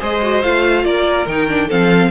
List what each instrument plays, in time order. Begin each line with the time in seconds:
0.00 cello G#3, viola G#4, violin C5 D#5
0.22 viola F#4
0.43 cello A3, viola F4, violin F5
0.84 cello A#3, violin A#4 D5
1.27 cello D#3, viola D#4, violin G5
1.49 viola D4
1.68 cello F3, viola C4, violin A4 F5